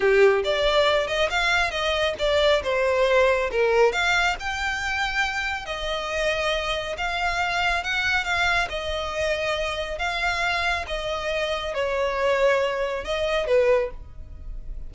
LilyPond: \new Staff \with { instrumentName = "violin" } { \time 4/4 \tempo 4 = 138 g'4 d''4. dis''8 f''4 | dis''4 d''4 c''2 | ais'4 f''4 g''2~ | g''4 dis''2. |
f''2 fis''4 f''4 | dis''2. f''4~ | f''4 dis''2 cis''4~ | cis''2 dis''4 b'4 | }